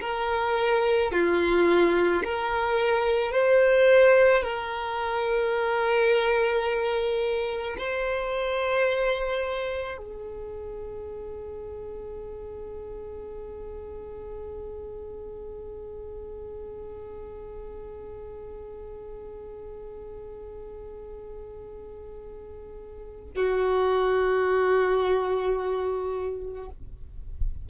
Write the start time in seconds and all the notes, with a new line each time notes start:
0.00 A#4
1.12 F4
2.24 A#4
3.31 C5
4.43 A#4
7.77 C5
9.97 G#4
23.36 F#4